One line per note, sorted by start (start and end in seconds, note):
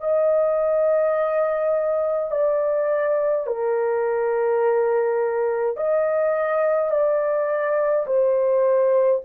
0.00 2.31 D#5
2.31 3.46 D5
3.46 5.76 A#4
5.76 6.90 D#5
6.90 8.06 D5
8.06 9.22 C5